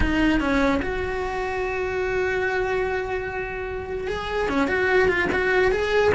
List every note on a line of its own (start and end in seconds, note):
0.00 0.40 D#4
0.40 0.80 C#4
0.81 4.07 F#4
4.07 4.48 G#4
4.48 4.67 C#4
4.67 5.08 F#4
5.08 5.29 F4
5.32 5.71 F#4
5.71 6.12 G#4